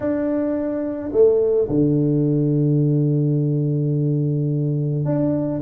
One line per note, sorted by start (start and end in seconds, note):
0.00 1.11 D4
1.12 1.68 A3
1.68 5.04 D3
5.04 5.60 D4